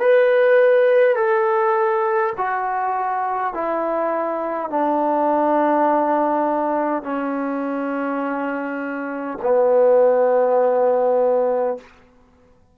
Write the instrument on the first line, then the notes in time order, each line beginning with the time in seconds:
trombone
0.00 B4
1.16 A4
2.38 F#4
3.54 E4
4.71 D4
7.03 C#4
9.42 B3